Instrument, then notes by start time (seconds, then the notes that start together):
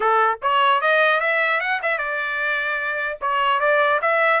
trumpet
0.00 A4
0.42 C#5
0.81 D#5
1.20 E5
1.60 F#5
1.82 E5
1.98 D5
3.21 C#5
3.59 D5
4.01 E5